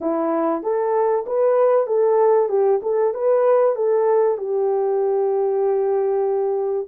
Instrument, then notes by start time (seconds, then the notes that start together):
horn
0.01 E4
0.62 A4
1.26 B4
1.86 A4
2.49 G4
2.82 A4
3.13 B4
3.75 A4
4.37 G4